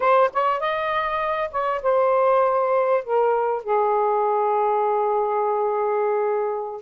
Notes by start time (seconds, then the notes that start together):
0.00 C5
0.33 C#5
0.60 D#5
1.51 C#5
1.82 C5
3.03 A#4
3.63 G#4